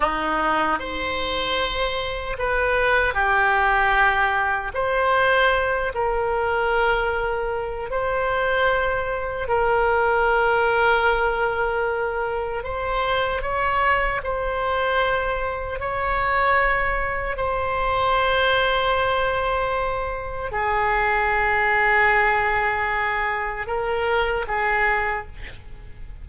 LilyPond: \new Staff \with { instrumentName = "oboe" } { \time 4/4 \tempo 4 = 76 dis'4 c''2 b'4 | g'2 c''4. ais'8~ | ais'2 c''2 | ais'1 |
c''4 cis''4 c''2 | cis''2 c''2~ | c''2 gis'2~ | gis'2 ais'4 gis'4 | }